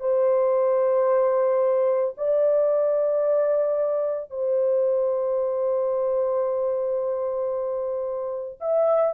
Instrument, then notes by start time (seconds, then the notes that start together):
horn
0.00 C5
2.17 D5
4.31 C5
8.61 E5